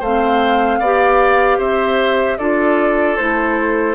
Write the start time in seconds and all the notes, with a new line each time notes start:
0.00 A3 C4 C5 F5
0.79 B3 G4 D5
1.58 C4 C5 E5
2.38 D4 F4 A4 D5
3.17 A3 E4 C5